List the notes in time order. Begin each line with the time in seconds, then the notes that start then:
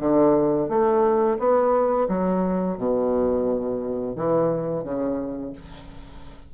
0.00 D3
0.69 A3
1.39 B3
2.08 F#3
2.77 B2
4.15 E3
4.83 C#3